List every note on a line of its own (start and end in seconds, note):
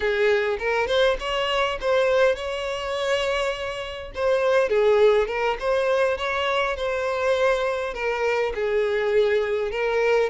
0.00 0.57 G#4
0.59 0.87 A#4
0.87 1.16 C5
1.19 1.78 C#5
1.80 2.35 C5
2.35 4.12 C#5
4.14 4.69 C5
4.69 5.27 G#4
5.27 5.57 A#4
5.59 6.17 C5
6.17 6.76 C#5
6.76 7.94 C5
7.94 8.52 A#4
8.55 9.71 G#4
9.71 10.29 A#4